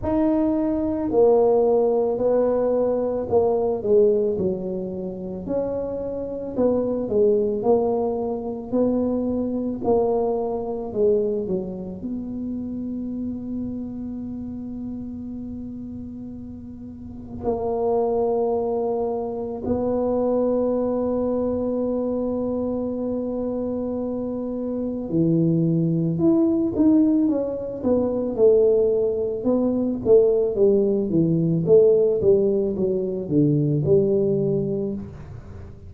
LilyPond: \new Staff \with { instrumentName = "tuba" } { \time 4/4 \tempo 4 = 55 dis'4 ais4 b4 ais8 gis8 | fis4 cis'4 b8 gis8 ais4 | b4 ais4 gis8 fis8 b4~ | b1 |
ais2 b2~ | b2. e4 | e'8 dis'8 cis'8 b8 a4 b8 a8 | g8 e8 a8 g8 fis8 d8 g4 | }